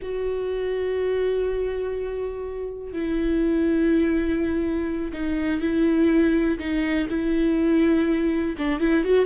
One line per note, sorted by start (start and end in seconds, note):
0.02 2.92 F#4
2.92 5.12 E4
5.12 5.60 D#4
5.60 6.58 E4
6.59 7.07 D#4
7.09 8.56 E4
8.58 8.79 D4
8.79 9.04 E4
9.04 9.25 F#4